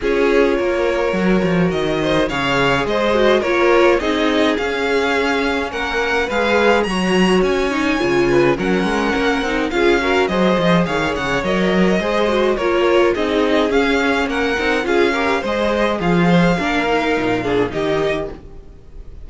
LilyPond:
<<
  \new Staff \with { instrumentName = "violin" } { \time 4/4 \tempo 4 = 105 cis''2. dis''4 | f''4 dis''4 cis''4 dis''4 | f''2 fis''4 f''4 | ais''4 gis''2 fis''4~ |
fis''4 f''4 dis''4 f''8 fis''8 | dis''2 cis''4 dis''4 | f''4 fis''4 f''4 dis''4 | f''2. dis''4 | }
  \new Staff \with { instrumentName = "violin" } { \time 4/4 gis'4 ais'2~ ais'8 c''8 | cis''4 c''4 ais'4 gis'4~ | gis'2 ais'4 b'4 | cis''2~ cis''8 b'8 ais'4~ |
ais'4 gis'8 ais'8 c''4 cis''4~ | cis''4 c''4 ais'4 gis'4~ | gis'4 ais'4 gis'8 ais'8 c''4 | f'8 c''8 ais'4. gis'8 g'4 | }
  \new Staff \with { instrumentName = "viola" } { \time 4/4 f'2 fis'2 | gis'4. fis'8 f'4 dis'4 | cis'2. gis'4 | fis'4. dis'8 f'4 cis'4~ |
cis'8 dis'8 f'8 fis'8 gis'2 | ais'4 gis'8 fis'8 f'4 dis'4 | cis'4. dis'8 f'8 g'8 gis'4~ | gis'4 d'8 dis'4 d'8 dis'4 | }
  \new Staff \with { instrumentName = "cello" } { \time 4/4 cis'4 ais4 fis8 f8 dis4 | cis4 gis4 ais4 c'4 | cis'2 ais4 gis4 | fis4 cis'4 cis4 fis8 gis8 |
ais8 c'8 cis'4 fis8 f8 dis8 cis8 | fis4 gis4 ais4 c'4 | cis'4 ais8 c'8 cis'4 gis4 | f4 ais4 ais,4 dis4 | }
>>